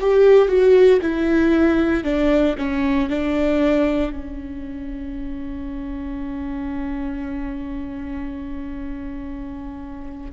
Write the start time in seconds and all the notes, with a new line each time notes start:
0.00 G4
0.48 F#4
1.02 E4
2.04 D4
2.58 C#4
3.09 D4
4.12 C#4